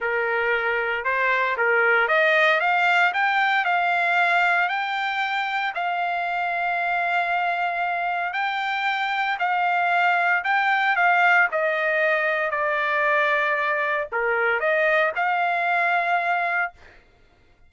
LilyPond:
\new Staff \with { instrumentName = "trumpet" } { \time 4/4 \tempo 4 = 115 ais'2 c''4 ais'4 | dis''4 f''4 g''4 f''4~ | f''4 g''2 f''4~ | f''1 |
g''2 f''2 | g''4 f''4 dis''2 | d''2. ais'4 | dis''4 f''2. | }